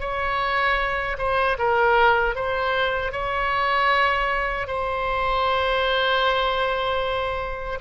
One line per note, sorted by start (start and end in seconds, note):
0.00 1.17 C#5
1.18 1.57 C5
1.58 2.35 A#4
2.35 3.12 C5
3.12 4.67 C#5
4.67 7.79 C5